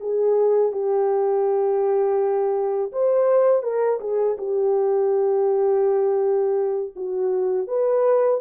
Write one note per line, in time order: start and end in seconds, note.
0.00 0.72 G#4
0.72 2.92 G4
2.92 3.63 C5
3.63 3.99 A#4
4.00 4.37 G#4
4.38 6.94 G4
6.96 7.67 F#4
7.67 8.40 B4